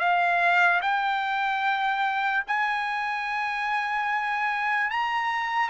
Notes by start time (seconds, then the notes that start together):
0.00 F5
0.82 G5
2.47 G#5
4.91 A#5